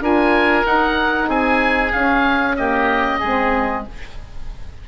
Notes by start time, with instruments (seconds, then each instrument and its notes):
0.00 bassoon D4, saxophone F4, oboe A#4 G#5
0.63 saxophone D#4, bassoon D#4, oboe F#5
1.28 bassoon C4, oboe G#4 G#5
1.92 bassoon C#4, saxophone C#4, oboe F5
2.55 saxophone A#3, oboe G4 D#5
3.19 bassoon G#3, saxophone C4, oboe G#4